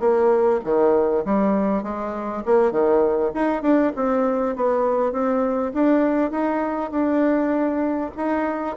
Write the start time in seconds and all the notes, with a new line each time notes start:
0.00 A#3
0.64 D#3
1.25 G3
1.83 G#3
2.45 A#3
2.72 D#3
3.34 D#4
3.62 D4
3.96 C4
4.56 B3
5.12 C4
5.74 D4
6.31 D#4
6.91 D4
8.17 D#4